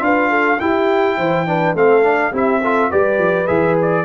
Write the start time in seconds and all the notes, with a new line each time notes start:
0.00 D4 F4 B4 F5
0.31 A4
0.60 E4 G4 G5
1.18 E3 C5
1.47 D4 B4
1.74 A3 C4 A4 F5
2.03 D4
2.32 C4 E4 G4 E5
2.62 F4 A4
2.90 G3 G4 B4 D5
3.19 F3
3.47 E3 G#4 E5
3.82 D5